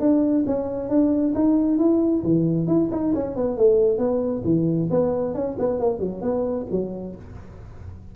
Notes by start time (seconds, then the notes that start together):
0.00 D4
0.46 C#4
0.89 D4
1.35 D#4
1.78 E4
2.24 E3
2.67 E4
2.92 D#4
3.15 C#4
3.36 B3
3.57 A3
3.98 B3
4.45 E3
4.91 B3
5.35 C#4
5.59 B3
5.80 A#3
5.99 F#3
6.22 B3
6.71 F#3